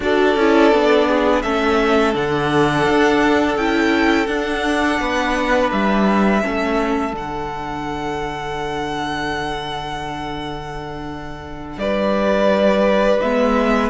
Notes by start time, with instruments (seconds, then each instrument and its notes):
0.00 cello D4, viola F#4, violin A4 D5
0.36 cello C#4, viola E4
0.71 cello B3, viola D4
1.07 violin G#4
1.42 cello A3, viola C#4, violin A4 E5
2.14 cello D3, viola D4, violin F#5
2.89 cello D4
3.56 cello C#4, viola E4, violin G5
4.26 viola D4, cello D4, violin F#5
4.99 cello B3, violin B4
5.71 cello G3, violin E5
6.42 cello A3, viola C#4, violin A4
7.12 cello D3, viola D4, violin F#5
11.77 cello G3, violin B4 D5
13.20 cello G#3, viola B3, violin E5